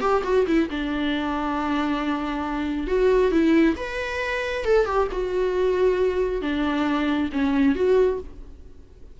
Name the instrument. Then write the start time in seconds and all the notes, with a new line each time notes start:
viola
0.00 G4
0.23 F#4
0.47 E4
0.70 D4
2.87 F#4
3.31 E4
3.76 B4
4.64 A4
4.85 G4
5.11 F#4
6.41 D4
7.32 C#4
7.75 F#4